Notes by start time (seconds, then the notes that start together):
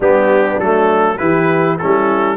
0.00 G3 B3 D4 G4
0.58 F#3 A3 A4
1.17 E3 E4 G4 B4
1.78 G3 C#4 E4 A4